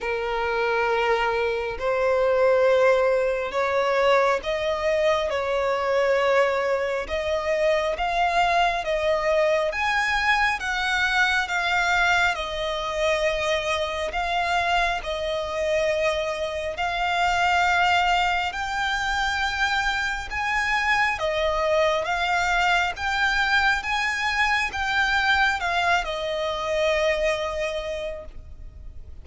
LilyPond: \new Staff \with { instrumentName = "violin" } { \time 4/4 \tempo 4 = 68 ais'2 c''2 | cis''4 dis''4 cis''2 | dis''4 f''4 dis''4 gis''4 | fis''4 f''4 dis''2 |
f''4 dis''2 f''4~ | f''4 g''2 gis''4 | dis''4 f''4 g''4 gis''4 | g''4 f''8 dis''2~ dis''8 | }